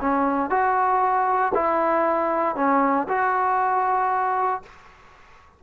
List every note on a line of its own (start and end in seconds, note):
0.00 0.50 C#4
0.50 1.52 F#4
1.54 2.55 E4
2.55 3.07 C#4
3.08 4.62 F#4